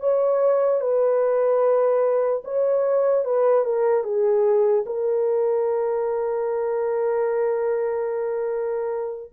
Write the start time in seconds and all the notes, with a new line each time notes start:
0.00 C#5
0.81 B4
2.44 C#5
3.25 B4
3.65 A#4
4.04 G#4
4.86 A#4